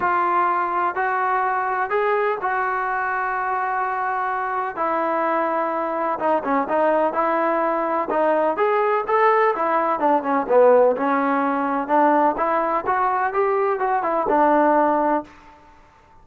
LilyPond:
\new Staff \with { instrumentName = "trombone" } { \time 4/4 \tempo 4 = 126 f'2 fis'2 | gis'4 fis'2.~ | fis'2 e'2~ | e'4 dis'8 cis'8 dis'4 e'4~ |
e'4 dis'4 gis'4 a'4 | e'4 d'8 cis'8 b4 cis'4~ | cis'4 d'4 e'4 fis'4 | g'4 fis'8 e'8 d'2 | }